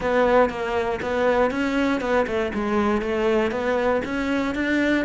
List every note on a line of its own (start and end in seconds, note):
0.00 0.49 B3
0.49 0.99 A#3
1.02 1.50 B3
1.50 2.01 C#4
2.01 2.26 B3
2.26 2.51 A3
2.54 3.01 G#3
3.01 3.51 A3
3.51 4.01 B3
4.04 4.54 C#4
4.54 5.05 D4